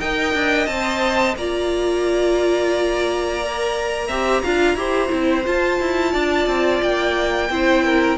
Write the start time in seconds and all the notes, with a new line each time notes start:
0.00 D#4 A#4 D#5 G5
0.34 D4
0.67 C4 C5 A5
1.36 A#3 F4 D5 A#5
3.43 A#4
4.08 C4 G4 E5
4.43 D4 F4 F5
4.75 E4 G4 C5
5.09 C4 E4
5.45 F4 A5
5.81 E4
6.12 D4 D5
6.47 C4
6.82 A#3 G5
7.50 C4 E4 C5
7.85 A#4